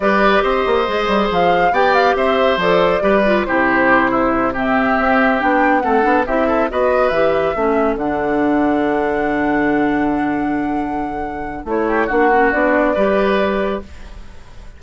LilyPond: <<
  \new Staff \with { instrumentName = "flute" } { \time 4/4 \tempo 4 = 139 d''4 dis''2 f''4 | g''8 f''8 e''4 d''2 | c''2~ c''8 e''4.~ | e''8 g''4 fis''4 e''4 dis''8~ |
dis''8 e''2 fis''4.~ | fis''1~ | fis''2. cis''4 | fis''4 d''2. | }
  \new Staff \with { instrumentName = "oboe" } { \time 4/4 b'4 c''2. | d''4 c''2 b'4 | g'4. e'4 g'4.~ | g'4. a'4 g'8 a'8 b'8~ |
b'4. a'2~ a'8~ | a'1~ | a'2.~ a'8 g'8 | fis'2 b'2 | }
  \new Staff \with { instrumentName = "clarinet" } { \time 4/4 g'2 gis'2 | g'2 a'4 g'8 f'8 | e'2~ e'8 c'4.~ | c'8 d'4 c'8 d'8 e'4 fis'8~ |
fis'8 g'4 cis'4 d'4.~ | d'1~ | d'2. e'4 | d'8 cis'8 d'4 g'2 | }
  \new Staff \with { instrumentName = "bassoon" } { \time 4/4 g4 c'8 ais8 gis8 g8 f4 | b4 c'4 f4 g4 | c2.~ c8 c'8~ | c'8 b4 a8 b8 c'4 b8~ |
b8 e4 a4 d4.~ | d1~ | d2. a4 | ais4 b4 g2 | }
>>